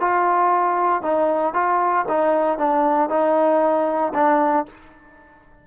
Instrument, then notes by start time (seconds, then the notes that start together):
trombone
0.00 F4
1.02 D#4
1.54 F4
2.08 D#4
2.58 D4
3.09 D#4
4.14 D4